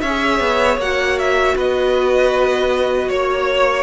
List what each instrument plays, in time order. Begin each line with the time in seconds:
0.00 cello C#4, viola G#4, violin C#5 E5
0.40 cello B3
0.77 cello A#3, viola F#4, violin F#5
1.18 violin E5
1.55 cello B3, violin B4 D#5
3.08 cello A#3, violin C#5